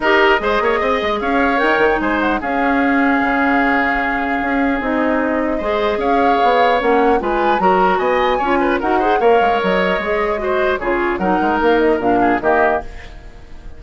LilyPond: <<
  \new Staff \with { instrumentName = "flute" } { \time 4/4 \tempo 4 = 150 dis''2. f''4 | g''4 gis''8 fis''8 f''2~ | f''1 | dis''2. f''4~ |
f''4 fis''4 gis''4 ais''4 | gis''2 fis''4 f''4 | dis''2. cis''4 | fis''4 f''8 dis''8 f''4 dis''4 | }
  \new Staff \with { instrumentName = "oboe" } { \time 4/4 ais'4 c''8 cis''8 dis''4 cis''4~ | cis''4 c''4 gis'2~ | gis'1~ | gis'2 c''4 cis''4~ |
cis''2 b'4 ais'4 | dis''4 cis''8 b'8 ais'8 c''8 cis''4~ | cis''2 c''4 gis'4 | ais'2~ ais'8 gis'8 g'4 | }
  \new Staff \with { instrumentName = "clarinet" } { \time 4/4 g'4 gis'2. | ais'8. dis'4~ dis'16 cis'2~ | cis'1 | dis'2 gis'2~ |
gis'4 cis'4 f'4 fis'4~ | fis'4 f'4 fis'8 gis'8 ais'4~ | ais'4 gis'4 fis'4 f'4 | dis'2 d'4 ais4 | }
  \new Staff \with { instrumentName = "bassoon" } { \time 4/4 dis'4 gis8 ais8 c'8 gis8 cis'4 | dis'8 dis8 gis4 cis'2 | cis2. cis'4 | c'2 gis4 cis'4 |
b4 ais4 gis4 fis4 | b4 cis'4 dis'4 ais8 gis8 | fis4 gis2 cis4 | fis8 gis8 ais4 ais,4 dis4 | }
>>